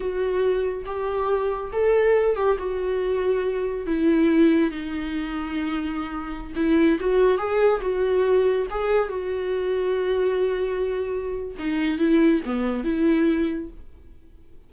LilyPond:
\new Staff \with { instrumentName = "viola" } { \time 4/4 \tempo 4 = 140 fis'2 g'2 | a'4. g'8 fis'2~ | fis'4 e'2 dis'4~ | dis'2.~ dis'16 e'8.~ |
e'16 fis'4 gis'4 fis'4.~ fis'16~ | fis'16 gis'4 fis'2~ fis'8.~ | fis'2. dis'4 | e'4 b4 e'2 | }